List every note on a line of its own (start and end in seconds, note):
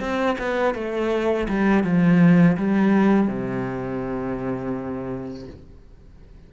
0.00 0.37 C4
0.39 0.74 B3
0.74 1.47 A3
1.48 1.84 G3
1.84 2.57 F3
2.57 3.27 G3
3.27 5.47 C3